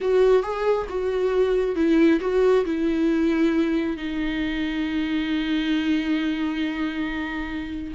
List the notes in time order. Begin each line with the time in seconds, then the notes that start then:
0.00 F#4
0.42 G#4
0.89 F#4
1.75 E4
2.20 F#4
2.65 E4
3.96 D#4